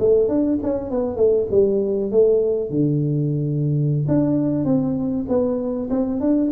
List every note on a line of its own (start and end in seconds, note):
0.00 0.29 A3
0.29 0.59 D4
0.63 0.91 C#4
0.91 1.17 B3
1.17 1.47 A3
1.51 2.12 G3
2.12 2.71 A3
2.71 4.07 D3
4.09 4.65 D4
4.65 5.26 C4
5.29 5.90 B3
5.90 6.21 C4
6.21 6.51 D4